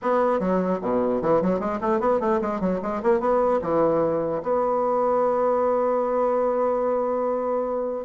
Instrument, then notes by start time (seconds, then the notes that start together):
bassoon
0.02 B3
0.39 F#3
0.81 B2
1.21 E3
1.41 F#3
1.59 G#3
1.80 A3
2.00 B3
2.20 A3
2.41 G#3
2.60 F#3
2.82 G#3
3.02 A#3
3.20 B3
3.61 E3
4.42 B3